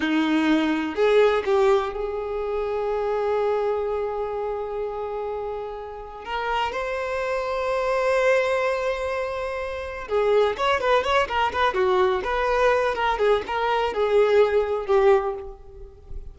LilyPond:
\new Staff \with { instrumentName = "violin" } { \time 4/4 \tempo 4 = 125 dis'2 gis'4 g'4 | gis'1~ | gis'1~ | gis'4 ais'4 c''2~ |
c''1~ | c''4 gis'4 cis''8 b'8 cis''8 ais'8 | b'8 fis'4 b'4. ais'8 gis'8 | ais'4 gis'2 g'4 | }